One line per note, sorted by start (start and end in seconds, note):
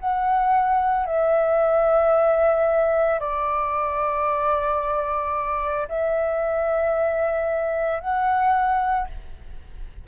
0.00 1.06 F#5
1.06 3.20 E5
3.20 5.88 D5
5.89 8.01 E5
8.01 9.08 F#5